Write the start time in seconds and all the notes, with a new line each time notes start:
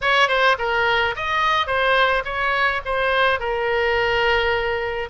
0.01 C#5
0.28 C5
0.58 A#4
1.16 D#5
1.66 C5
2.24 C#5
2.85 C5
3.39 A#4